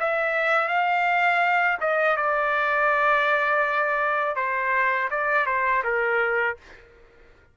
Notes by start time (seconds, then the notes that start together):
0.00 E5
0.68 F5
1.81 D#5
2.17 D5
4.36 C5
5.11 D5
5.46 C5
5.84 A#4